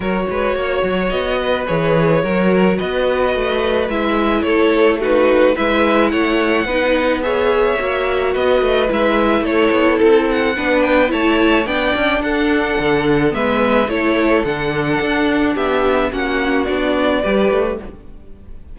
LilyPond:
<<
  \new Staff \with { instrumentName = "violin" } { \time 4/4 \tempo 4 = 108 cis''2 dis''4 cis''4~ | cis''4 dis''2 e''4 | cis''4 b'4 e''4 fis''4~ | fis''4 e''2 dis''4 |
e''4 cis''4 a'8 fis''4 g''8 | a''4 g''4 fis''2 | e''4 cis''4 fis''2 | e''4 fis''4 d''2 | }
  \new Staff \with { instrumentName = "violin" } { \time 4/4 ais'8 b'8 cis''4. b'4. | ais'4 b'2. | a'4 fis'4 b'4 cis''4 | b'4 cis''2 b'4~ |
b'4 a'2 b'4 | cis''4 d''4 a'2 | b'4 a'2. | g'4 fis'2 b'4 | }
  \new Staff \with { instrumentName = "viola" } { \time 4/4 fis'2. gis'4 | fis'2. e'4~ | e'4 dis'4 e'2 | dis'4 gis'4 fis'2 |
e'2. d'4 | e'4 d'2. | b4 e'4 d'2~ | d'4 cis'4 d'4 g'4 | }
  \new Staff \with { instrumentName = "cello" } { \time 4/4 fis8 gis8 ais8 fis8 b4 e4 | fis4 b4 a4 gis4 | a2 gis4 a4 | b2 ais4 b8 a8 |
gis4 a8 b8 c'4 b4 | a4 b8 cis'8 d'4 d4 | gis4 a4 d4 d'4 | b4 ais4 b4 g8 a8 | }
>>